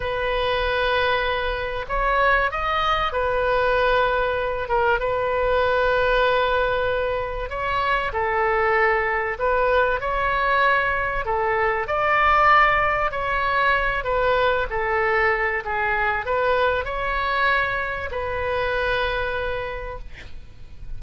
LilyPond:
\new Staff \with { instrumentName = "oboe" } { \time 4/4 \tempo 4 = 96 b'2. cis''4 | dis''4 b'2~ b'8 ais'8 | b'1 | cis''4 a'2 b'4 |
cis''2 a'4 d''4~ | d''4 cis''4. b'4 a'8~ | a'4 gis'4 b'4 cis''4~ | cis''4 b'2. | }